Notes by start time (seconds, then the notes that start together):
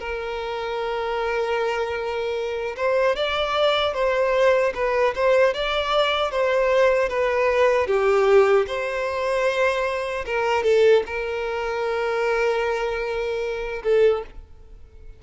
0.00 A#4
2.77 C5
3.16 D5
3.94 C5
4.75 B4
5.15 C5
5.54 D5
6.32 C5
7.09 B4
7.87 G4
8.67 C5
10.26 A#4
10.64 A4
11.06 A#4
13.84 A4